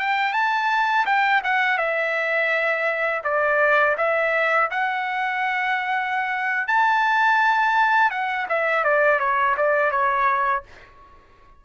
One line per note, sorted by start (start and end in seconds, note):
0.00 0.34 G5
0.34 1.06 A5
1.06 1.42 G5
1.44 1.78 F#5
1.78 3.22 E5
3.24 3.96 D5
3.98 4.70 E5
4.71 6.68 F#5
6.68 8.11 A5
8.11 8.47 F#5
8.49 8.85 E5
8.85 9.20 D5
9.20 9.56 C#5
9.58 9.91 D5
9.91 10.64 C#5